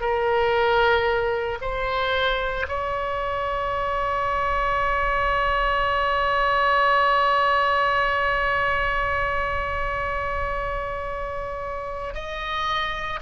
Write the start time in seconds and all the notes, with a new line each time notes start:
0.00 A#4
1.61 C5
2.67 C#5
12.14 D#5